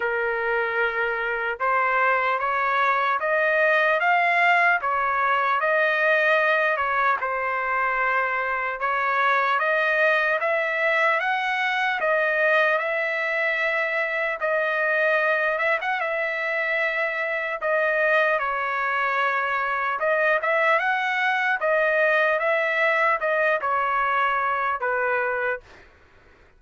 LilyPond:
\new Staff \with { instrumentName = "trumpet" } { \time 4/4 \tempo 4 = 75 ais'2 c''4 cis''4 | dis''4 f''4 cis''4 dis''4~ | dis''8 cis''8 c''2 cis''4 | dis''4 e''4 fis''4 dis''4 |
e''2 dis''4. e''16 fis''16 | e''2 dis''4 cis''4~ | cis''4 dis''8 e''8 fis''4 dis''4 | e''4 dis''8 cis''4. b'4 | }